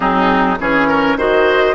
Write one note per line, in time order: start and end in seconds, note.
0.00 0.59 F#3
0.00 0.57 C4
0.00 0.58 D#4
0.00 0.57 G#4
0.59 1.16 E3
0.59 1.18 C#4
0.59 0.87 G#4
0.59 1.19 C#5
0.87 1.17 A#4
1.16 1.74 D#3
1.16 1.75 F#4
1.16 1.75 C5
1.16 1.75 D#5